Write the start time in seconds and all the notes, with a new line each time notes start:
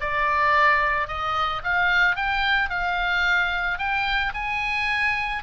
0.00 D5
1.07 D#5
1.63 F5
2.16 G5
2.69 F5
3.78 G5
4.34 G#5